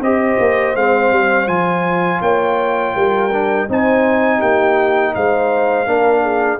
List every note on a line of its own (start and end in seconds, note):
0.00 0.37 C4
0.00 0.76 G4
0.00 2.22 C5
0.00 0.76 D#5
0.39 0.75 A#3
0.75 1.11 G#3
0.75 1.47 C4
0.75 1.47 F5
1.11 1.47 G3
1.47 2.20 F3
1.47 3.30 F4
1.47 2.21 G#5
2.21 2.94 A#3
2.21 2.94 C#5
2.21 3.68 G5
2.94 3.68 G3
2.94 3.67 A#4
3.32 3.69 D4
3.69 4.42 C4
3.69 5.86 D#4
3.69 4.38 C5
3.69 4.41 G#5
4.38 5.15 A#3
4.38 5.11 G4
4.38 5.14 G5
5.15 5.86 G#3
5.15 5.89 C5
5.15 6.59 F5
5.86 6.59 A#3
5.86 6.59 D4
5.86 6.21 A#4
6.21 6.58 G#4